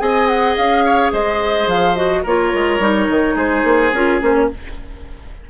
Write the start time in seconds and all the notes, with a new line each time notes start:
0.00 C4 G#4 D#5 G#5
0.27 F#5
0.56 C#4 F5
0.85 C#5
1.13 G#3 C5 D#5
1.67 F3 F5
1.96 F#4 D#5
2.23 A#3 F4 A#4 C#5
2.54 G#3
2.79 G3 D#4
3.09 D#3
3.35 G#3 G#4 C5
3.64 A#3
3.93 C#4 F4 A#4
4.22 A#3 C#4 C5
4.35 C#5